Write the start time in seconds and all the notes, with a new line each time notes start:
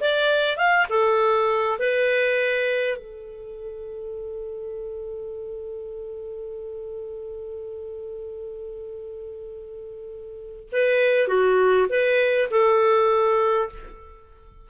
0.00 D5
0.56 F5
0.89 A4
1.78 B4
2.96 A4
10.72 B4
11.27 F#4
11.89 B4
12.50 A4